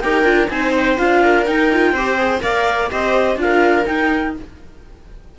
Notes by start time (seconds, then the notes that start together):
0.00 D#4 G4 A#4 G5
0.24 D4 F4
0.49 C4 D#4 C5 G#5
0.77 G5
0.97 D4 F4 F5
1.23 A#4
1.46 D#4 G5
1.73 F4
1.92 C4 G4 C5
2.18 G#4
2.40 A#3 A#4 D5 F5
2.91 C4 G4 C5 D#5
3.36 D4 F4 F5
3.43 A#4
3.84 D#4 G5